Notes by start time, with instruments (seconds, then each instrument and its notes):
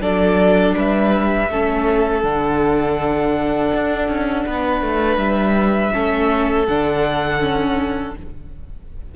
0.00 cello F#3, viola D4, violin A4 D5
0.77 cello G3, violin B4 E5
1.49 cello A3, viola C#4, violin A4
2.22 cello D3, viola D4, violin F#5
3.73 cello D4
4.08 cello C#4
4.46 cello B3, violin B4
4.81 cello A3
5.17 cello G3, violin E5
5.92 cello A3, viola C#4, violin A4
6.67 cello D3, viola D4, violin F#5
7.40 viola C#4